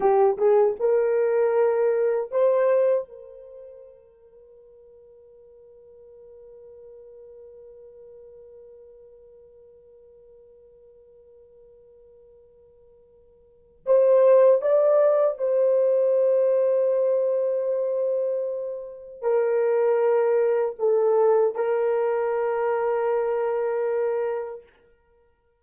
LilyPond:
\new Staff \with { instrumentName = "horn" } { \time 4/4 \tempo 4 = 78 g'8 gis'8 ais'2 c''4 | ais'1~ | ais'1~ | ais'1~ |
ais'2 c''4 d''4 | c''1~ | c''4 ais'2 a'4 | ais'1 | }